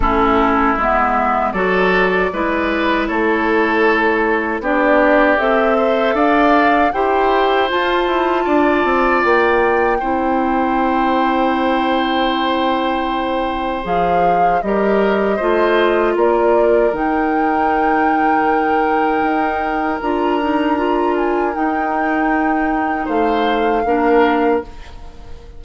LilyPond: <<
  \new Staff \with { instrumentName = "flute" } { \time 4/4 \tempo 4 = 78 a'4 e''4 d''2 | cis''2 d''4 e''4 | f''4 g''4 a''2 | g''1~ |
g''2 f''4 dis''4~ | dis''4 d''4 g''2~ | g''2 ais''4. gis''8 | g''2 f''2 | }
  \new Staff \with { instrumentName = "oboe" } { \time 4/4 e'2 a'4 b'4 | a'2 g'4. c''8 | d''4 c''2 d''4~ | d''4 c''2.~ |
c''2. ais'4 | c''4 ais'2.~ | ais'1~ | ais'2 c''4 ais'4 | }
  \new Staff \with { instrumentName = "clarinet" } { \time 4/4 cis'4 b4 fis'4 e'4~ | e'2 d'4 a'4~ | a'4 g'4 f'2~ | f'4 e'2.~ |
e'2 gis'4 g'4 | f'2 dis'2~ | dis'2 f'8 dis'8 f'4 | dis'2. d'4 | }
  \new Staff \with { instrumentName = "bassoon" } { \time 4/4 a4 gis4 fis4 gis4 | a2 b4 c'4 | d'4 e'4 f'8 e'8 d'8 c'8 | ais4 c'2.~ |
c'2 f4 g4 | a4 ais4 dis2~ | dis4 dis'4 d'2 | dis'2 a4 ais4 | }
>>